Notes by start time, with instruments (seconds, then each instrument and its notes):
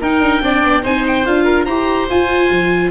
0.00 tuba D#4, viola D#4, oboe A#4 G5
0.20 tuba D4
0.41 tuba C4, viola D4, oboe D5
0.64 tuba B3
0.82 tuba C4, viola D#4, oboe C5 G#5
1.07 oboe G5
1.25 tuba D4, viola F4, oboe F5
1.44 oboe A#4
1.65 tuba E4, viola G4, oboe C5 A#5
2.10 tuba F4, viola F4, oboe G#5
2.50 tuba F3